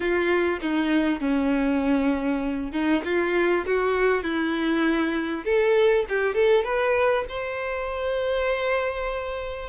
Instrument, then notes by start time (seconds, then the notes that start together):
violin
0.00 F4
0.61 D#4
1.20 C#4
2.72 D#4
3.04 F4
3.66 F#4
4.23 E4
5.44 A4
6.08 G4
6.34 A4
6.64 B4
7.29 C5